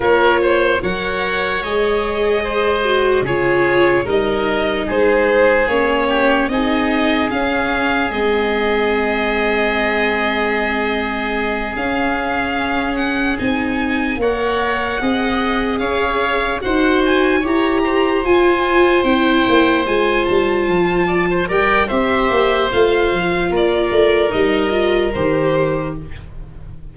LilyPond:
<<
  \new Staff \with { instrumentName = "violin" } { \time 4/4 \tempo 4 = 74 cis''4 fis''4 dis''2 | cis''4 dis''4 c''4 cis''4 | dis''4 f''4 dis''2~ | dis''2~ dis''8 f''4. |
fis''8 gis''4 fis''2 f''8~ | f''8 fis''8 gis''8 ais''4 gis''4 g''8~ | g''8 gis''8 a''4. g''8 e''4 | f''4 d''4 dis''4 c''4 | }
  \new Staff \with { instrumentName = "oboe" } { \time 4/4 ais'8 c''8 cis''2 c''4 | gis'4 ais'4 gis'4. g'8 | gis'1~ | gis'1~ |
gis'4. cis''4 dis''4 cis''8~ | cis''8 c''4 cis''8 c''2~ | c''2 d''16 c''16 d''8 c''4~ | c''4 ais'2. | }
  \new Staff \with { instrumentName = "viola" } { \time 4/4 f'4 ais'4 gis'4. fis'8 | f'4 dis'2 cis'4 | dis'4 cis'4 c'2~ | c'2~ c'8 cis'4.~ |
cis'8 dis'4 ais'4 gis'4.~ | gis'8 fis'4 g'4 f'4 e'8~ | e'8 f'2 ais'8 g'4 | f'2 dis'8 f'8 g'4 | }
  \new Staff \with { instrumentName = "tuba" } { \time 4/4 ais4 fis4 gis2 | cis4 g4 gis4 ais4 | c'4 cis'4 gis2~ | gis2~ gis8 cis'4.~ |
cis'8 c'4 ais4 c'4 cis'8~ | cis'8 dis'4 e'4 f'4 c'8 | ais8 gis8 g8 f4 g8 c'8 ais8 | a8 f8 ais8 a8 g4 dis4 | }
>>